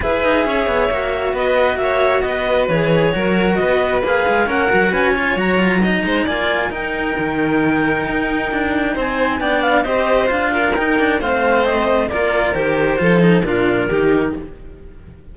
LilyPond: <<
  \new Staff \with { instrumentName = "clarinet" } { \time 4/4 \tempo 4 = 134 e''2. dis''4 | e''4 dis''4 cis''2 | dis''4 f''4 fis''4 gis''4 | ais''2 gis''4 g''4~ |
g''1 | gis''4 g''8 f''8 dis''4 f''4 | g''4 f''4 dis''4 d''4 | c''2 ais'2 | }
  \new Staff \with { instrumentName = "violin" } { \time 4/4 b'4 cis''2 b'4 | cis''4 b'2 ais'4 | b'2 ais'4 b'8 cis''8~ | cis''4 dis''8 c''8 d''4 ais'4~ |
ais'1 | c''4 d''4 c''4. ais'8~ | ais'4 c''2 ais'4~ | ais'4 a'4 f'4 g'4 | }
  \new Staff \with { instrumentName = "cello" } { \time 4/4 gis'2 fis'2~ | fis'2 gis'4 fis'4~ | fis'4 gis'4 cis'8 fis'4 f'8 | fis'8 f'8 dis'4 f'4 dis'4~ |
dis'1~ | dis'4 d'4 g'4 f'4 | dis'8 d'8 c'2 f'4 | g'4 f'8 dis'8 d'4 dis'4 | }
  \new Staff \with { instrumentName = "cello" } { \time 4/4 e'8 dis'8 cis'8 b8 ais4 b4 | ais4 b4 e4 fis4 | b4 ais8 gis8 ais8 fis8 cis'4 | fis4. gis8 ais4 dis'4 |
dis2 dis'4 d'4 | c'4 b4 c'4 d'4 | dis'4 a2 ais4 | dis4 f4 ais,4 dis4 | }
>>